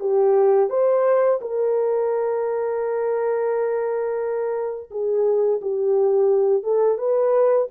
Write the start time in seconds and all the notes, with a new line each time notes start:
0.00 G4
0.70 C5
1.41 A#4
4.91 G#4
5.62 G4
6.63 A4
6.98 B4